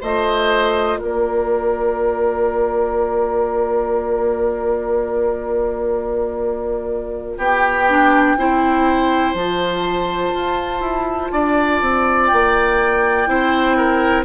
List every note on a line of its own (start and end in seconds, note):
0.00 1.00 A3
0.00 7.87 F4
0.00 0.99 C5
0.00 0.97 D#5
0.97 7.37 A#3
0.97 7.38 A#4
0.97 7.36 D5
7.37 8.35 B3
7.37 8.36 G4
7.37 9.33 G5
7.89 8.38 D4
8.36 9.34 C4
8.36 9.36 E4
8.36 11.32 C5
9.33 10.32 F3
9.33 13.26 F4
9.33 12.27 A5
10.33 10.80 F4
10.80 11.29 E4
11.32 11.81 D4
11.32 13.29 D5
11.81 12.30 C4
12.27 13.27 A#3
12.27 14.23 G5
13.26 14.25 C4
13.26 14.25 E4
13.26 13.77 C5
13.77 14.25 A#4